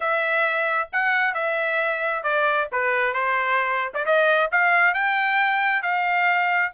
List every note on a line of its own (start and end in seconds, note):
0.00 0.88 E5
0.92 1.34 F#5
1.34 2.23 E5
2.23 2.67 D5
2.72 3.13 B4
3.13 3.92 C5
3.94 4.05 D5
4.05 4.50 D#5
4.51 4.94 F5
4.94 5.82 G5
5.82 6.72 F5